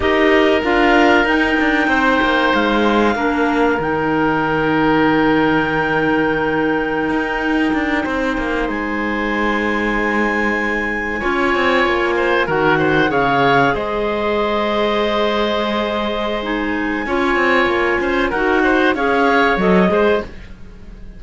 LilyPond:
<<
  \new Staff \with { instrumentName = "clarinet" } { \time 4/4 \tempo 4 = 95 dis''4 f''4 g''2 | f''2 g''2~ | g''1~ | g''4.~ g''16 gis''2~ gis''16~ |
gis''2.~ gis''8. fis''16~ | fis''8. f''4 dis''2~ dis''16~ | dis''2 gis''2~ | gis''4 fis''4 f''4 dis''4 | }
  \new Staff \with { instrumentName = "oboe" } { \time 4/4 ais'2. c''4~ | c''4 ais'2.~ | ais'1~ | ais'8. c''2.~ c''16~ |
c''4.~ c''16 cis''4. c''8 ais'16~ | ais'16 c''8 cis''4 c''2~ c''16~ | c''2. cis''4~ | cis''8 c''8 ais'8 c''8 cis''4. c''8 | }
  \new Staff \with { instrumentName = "clarinet" } { \time 4/4 g'4 f'4 dis'2~ | dis'4 d'4 dis'2~ | dis'1~ | dis'1~ |
dis'4.~ dis'16 f'2 fis'16~ | fis'8. gis'2.~ gis'16~ | gis'2 dis'4 f'4~ | f'4 fis'4 gis'4 a'8 gis'8 | }
  \new Staff \with { instrumentName = "cello" } { \time 4/4 dis'4 d'4 dis'8 d'8 c'8 ais8 | gis4 ais4 dis2~ | dis2.~ dis16 dis'8.~ | dis'16 d'8 c'8 ais8 gis2~ gis16~ |
gis4.~ gis16 cis'8 c'8 ais4 dis16~ | dis8. cis4 gis2~ gis16~ | gis2. cis'8 c'8 | ais8 cis'8 dis'4 cis'4 fis8 gis8 | }
>>